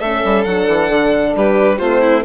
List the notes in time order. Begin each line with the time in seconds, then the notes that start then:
0.00 A3 C#4 A4 E5
0.24 G3
0.44 F#3 D4 F#5
0.68 E3
0.89 D3
1.35 G3 G4 B4
1.78 A3 C4 F4 C5
2.01 E4